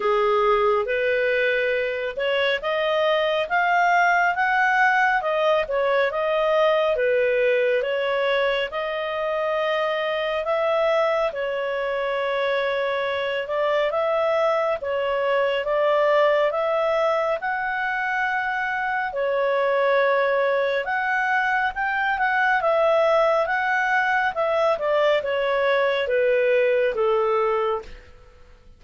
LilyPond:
\new Staff \with { instrumentName = "clarinet" } { \time 4/4 \tempo 4 = 69 gis'4 b'4. cis''8 dis''4 | f''4 fis''4 dis''8 cis''8 dis''4 | b'4 cis''4 dis''2 | e''4 cis''2~ cis''8 d''8 |
e''4 cis''4 d''4 e''4 | fis''2 cis''2 | fis''4 g''8 fis''8 e''4 fis''4 | e''8 d''8 cis''4 b'4 a'4 | }